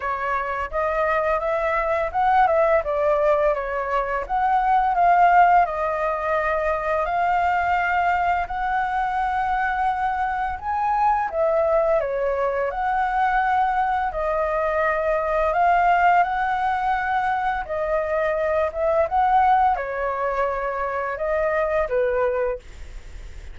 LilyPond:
\new Staff \with { instrumentName = "flute" } { \time 4/4 \tempo 4 = 85 cis''4 dis''4 e''4 fis''8 e''8 | d''4 cis''4 fis''4 f''4 | dis''2 f''2 | fis''2. gis''4 |
e''4 cis''4 fis''2 | dis''2 f''4 fis''4~ | fis''4 dis''4. e''8 fis''4 | cis''2 dis''4 b'4 | }